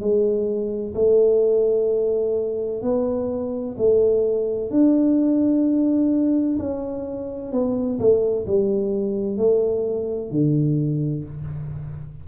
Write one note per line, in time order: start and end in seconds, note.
0.00 0.94 G#3
0.95 2.82 A3
2.82 3.76 B3
3.78 4.70 A3
4.70 6.58 D4
6.59 7.52 C#4
7.52 7.99 B3
7.99 8.46 A3
8.47 9.37 G3
9.37 10.31 A3
10.31 11.25 D3